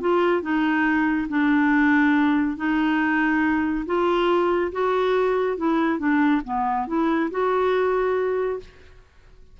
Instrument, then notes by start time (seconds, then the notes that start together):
clarinet
0.00 F4
0.41 D#4
1.29 D4
2.57 D#4
3.86 F4
4.72 F#4
5.57 E4
5.98 D4
6.44 B3
6.87 E4
7.31 F#4